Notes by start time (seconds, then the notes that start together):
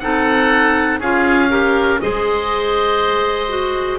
0.00 C4 D#4 A4 F#5
1.00 C#4 F4 G#4 F5
1.50 G4 A#4
2.01 G#3 G#4 C5 D#5
3.49 F#4